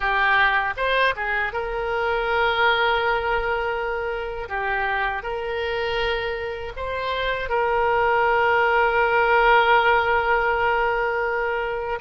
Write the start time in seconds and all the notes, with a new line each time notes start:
0.00 G4
0.77 C5
1.16 G#4
1.52 A#4
4.49 G4
5.23 A#4
6.76 C5
7.49 A#4